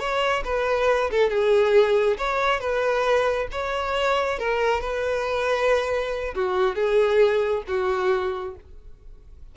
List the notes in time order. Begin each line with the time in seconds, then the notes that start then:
0.00 C#5
0.45 B4
1.11 A4
1.30 G#4
2.18 C#5
2.60 B4
3.52 C#5
4.39 A#4
4.81 B4
6.35 F#4
6.76 G#4
7.68 F#4